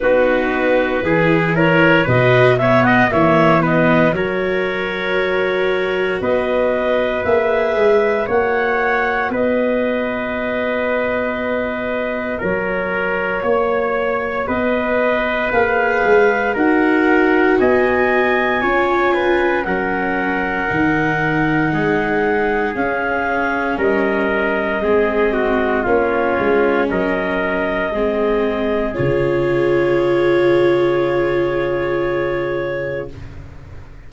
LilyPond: <<
  \new Staff \with { instrumentName = "clarinet" } { \time 4/4 \tempo 4 = 58 b'4. cis''8 dis''8 e''16 fis''16 e''8 dis''8 | cis''2 dis''4 e''4 | fis''4 dis''2. | cis''2 dis''4 f''4 |
fis''4 gis''2 fis''4~ | fis''2 f''4 dis''4~ | dis''4 cis''4 dis''2 | cis''1 | }
  \new Staff \with { instrumentName = "trumpet" } { \time 4/4 fis'4 gis'8 ais'8 b'8 cis''16 dis''16 cis''8 b'8 | ais'2 b'2 | cis''4 b'2. | ais'4 cis''4 b'2 |
ais'4 dis''4 cis''8 b'8 ais'4~ | ais'4 gis'2 ais'4 | gis'8 fis'8 f'4 ais'4 gis'4~ | gis'1 | }
  \new Staff \with { instrumentName = "viola" } { \time 4/4 dis'4 e'4 fis'8 b8 ais8 b8 | fis'2. gis'4 | fis'1~ | fis'2. gis'4 |
fis'2 f'4 cis'4 | dis'2 cis'2 | c'4 cis'2 c'4 | f'1 | }
  \new Staff \with { instrumentName = "tuba" } { \time 4/4 b4 e4 b,4 e4 | fis2 b4 ais8 gis8 | ais4 b2. | fis4 ais4 b4 ais8 gis8 |
dis'4 b4 cis'4 fis4 | dis4 gis4 cis'4 g4 | gis4 ais8 gis8 fis4 gis4 | cis1 | }
>>